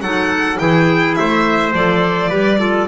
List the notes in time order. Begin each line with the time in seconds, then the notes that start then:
0.00 F#3 D#4 A4 F#5
0.57 E3 E4 G#4 G5
1.14 A3 C5 E5
1.72 F3 A4 D5
2.29 G3 G4 B4
2.58 F4 A4